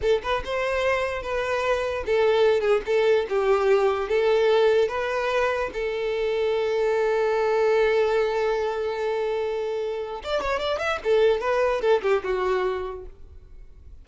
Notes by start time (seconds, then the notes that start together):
0.01 A4
0.22 B4
0.45 C5
1.22 B4
2.06 A4
2.60 G#4
2.86 A4
3.29 G4
4.09 A4
4.88 B4
5.73 A4
10.23 D5
10.41 C#5
10.59 D5
10.78 E5
11.04 A4
11.40 B4
11.81 A4
12.02 G4
12.23 F#4